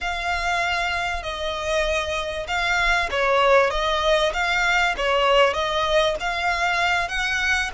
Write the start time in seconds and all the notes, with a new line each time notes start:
0.00 F5
1.23 D#5
2.47 F5
3.10 C#5
3.70 D#5
4.33 F5
4.97 C#5
5.53 D#5
6.20 F5
7.08 F#5